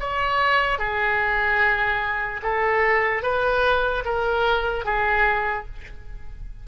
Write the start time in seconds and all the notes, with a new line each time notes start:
0.00 C#5
0.79 G#4
2.43 A4
3.23 B4
4.05 A#4
4.85 G#4